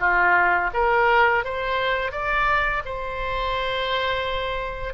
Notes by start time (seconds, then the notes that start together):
0.00 F4
0.74 A#4
1.45 C5
2.12 D5
2.86 C5